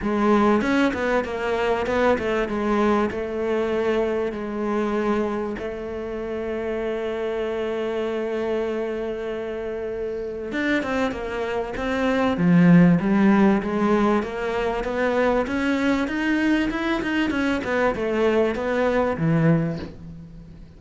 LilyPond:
\new Staff \with { instrumentName = "cello" } { \time 4/4 \tempo 4 = 97 gis4 cis'8 b8 ais4 b8 a8 | gis4 a2 gis4~ | gis4 a2.~ | a1~ |
a4 d'8 c'8 ais4 c'4 | f4 g4 gis4 ais4 | b4 cis'4 dis'4 e'8 dis'8 | cis'8 b8 a4 b4 e4 | }